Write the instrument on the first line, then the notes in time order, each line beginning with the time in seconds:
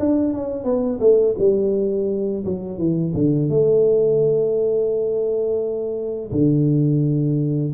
tuba
0.00 D4
0.34 C#4
0.64 B3
1.00 A3
1.39 G3
2.45 F#3
2.78 E3
3.14 D3
3.49 A3
6.32 D3